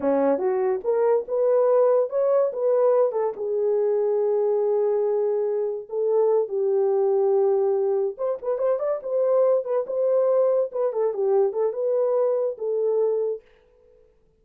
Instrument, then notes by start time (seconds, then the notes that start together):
horn
0.00 C#4
0.38 F#4
0.84 A#4
1.28 B4
2.09 C#5
2.52 B4
3.12 A4
3.36 G#4
5.89 A4
6.48 G4
8.17 C5
8.41 B4
8.58 C5
8.79 D5
9.02 C5
9.64 B4
9.86 C5
10.71 B4
10.93 A4
11.13 G4
11.53 A4
11.73 B4
12.57 A4